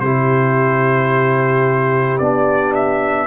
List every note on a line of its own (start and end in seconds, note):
0.00 2.19 C3
0.00 2.22 E4
0.00 3.27 G4
0.00 2.18 C5
2.19 3.27 B3
2.19 3.27 D4
2.19 2.73 D5
2.75 3.27 E5